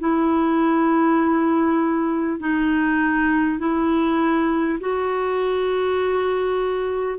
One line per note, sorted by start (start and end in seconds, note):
0.00 2.40 E4
2.40 3.59 D#4
3.59 4.79 E4
4.81 7.19 F#4